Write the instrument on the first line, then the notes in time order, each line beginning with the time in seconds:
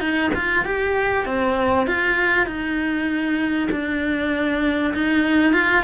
cello
0.00 D#4
0.35 F4
0.65 G4
1.26 C4
1.87 F4
2.47 D#4
3.71 D4
4.94 D#4
5.53 F4